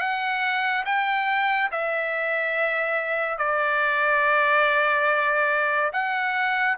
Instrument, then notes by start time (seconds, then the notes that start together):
trumpet
0.00 F#5
0.86 G5
1.72 E5
3.38 D5
5.93 F#5